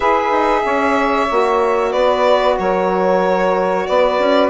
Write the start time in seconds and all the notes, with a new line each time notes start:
0.00 E4 G#4 B4 E5
0.31 D#4
0.64 C#4 C#5
1.30 A#3 F#4
1.90 B3 B4 D5
2.58 F#3 A#4 C#5
3.86 B3 B4 D5
4.19 C#4